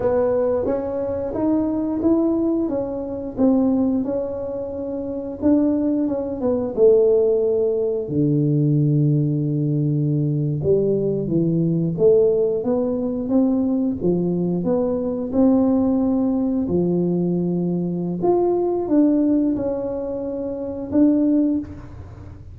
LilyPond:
\new Staff \with { instrumentName = "tuba" } { \time 4/4 \tempo 4 = 89 b4 cis'4 dis'4 e'4 | cis'4 c'4 cis'2 | d'4 cis'8 b8 a2 | d2.~ d8. g16~ |
g8. e4 a4 b4 c'16~ | c'8. f4 b4 c'4~ c'16~ | c'8. f2~ f16 f'4 | d'4 cis'2 d'4 | }